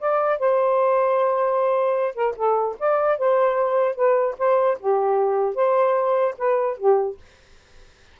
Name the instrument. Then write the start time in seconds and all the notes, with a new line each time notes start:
saxophone
0.00 D5
0.39 C5
2.15 A#4
2.36 A4
2.79 D5
3.19 C5
3.96 B4
4.38 C5
4.80 G4
5.55 C5
6.38 B4
6.78 G4